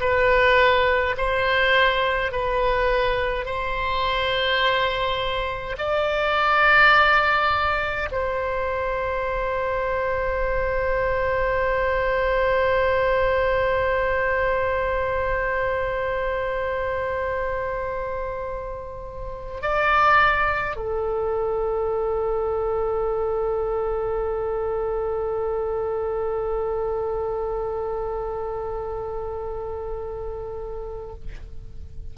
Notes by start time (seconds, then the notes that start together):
0.00 B4
1.17 C5
2.31 B4
3.45 C5
5.78 D5
8.11 C5
19.62 D5
20.76 A4